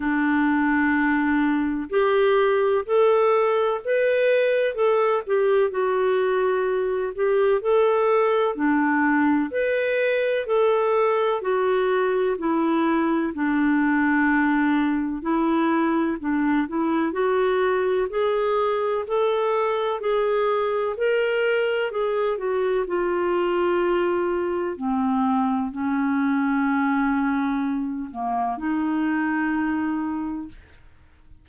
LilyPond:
\new Staff \with { instrumentName = "clarinet" } { \time 4/4 \tempo 4 = 63 d'2 g'4 a'4 | b'4 a'8 g'8 fis'4. g'8 | a'4 d'4 b'4 a'4 | fis'4 e'4 d'2 |
e'4 d'8 e'8 fis'4 gis'4 | a'4 gis'4 ais'4 gis'8 fis'8 | f'2 c'4 cis'4~ | cis'4. ais8 dis'2 | }